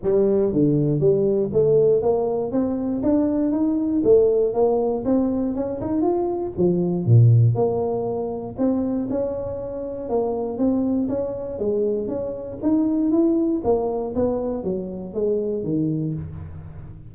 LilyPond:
\new Staff \with { instrumentName = "tuba" } { \time 4/4 \tempo 4 = 119 g4 d4 g4 a4 | ais4 c'4 d'4 dis'4 | a4 ais4 c'4 cis'8 dis'8 | f'4 f4 ais,4 ais4~ |
ais4 c'4 cis'2 | ais4 c'4 cis'4 gis4 | cis'4 dis'4 e'4 ais4 | b4 fis4 gis4 dis4 | }